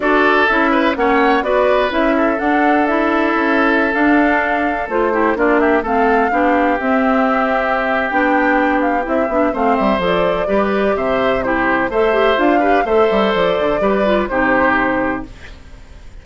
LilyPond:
<<
  \new Staff \with { instrumentName = "flute" } { \time 4/4 \tempo 4 = 126 d''4 e''4 fis''4 d''4 | e''4 fis''4 e''2~ | e''16 f''2 c''4 d''8 e''16~ | e''16 f''2 e''4.~ e''16~ |
e''4 g''4. f''8 e''4 | f''8 e''8 d''2 e''4 | c''4 e''4 f''4 e''4 | d''2 c''2 | }
  \new Staff \with { instrumentName = "oboe" } { \time 4/4 a'4. b'8 cis''4 b'4~ | b'8 a'2.~ a'8~ | a'2~ a'8. g'8 f'8 g'16~ | g'16 a'4 g'2~ g'8.~ |
g'1 | c''2 b'4 c''4 | g'4 c''4. b'8 c''4~ | c''4 b'4 g'2 | }
  \new Staff \with { instrumentName = "clarinet" } { \time 4/4 fis'4 e'4 cis'4 fis'4 | e'4 d'4 e'2~ | e'16 d'2 f'8 e'8 d'8.~ | d'16 c'4 d'4 c'4.~ c'16~ |
c'4 d'2 e'8 d'8 | c'4 a'4 g'2 | e'4 a'8 g'8 f'8 g'8 a'4~ | a'4 g'8 f'8 dis'2 | }
  \new Staff \with { instrumentName = "bassoon" } { \time 4/4 d'4 cis'4 ais4 b4 | cis'4 d'2 cis'4~ | cis'16 d'2 a4 ais8.~ | ais16 a4 b4 c'4.~ c'16~ |
c'4 b2 c'8 b8 | a8 g8 f4 g4 c4~ | c4 a4 d'4 a8 g8 | f8 d8 g4 c2 | }
>>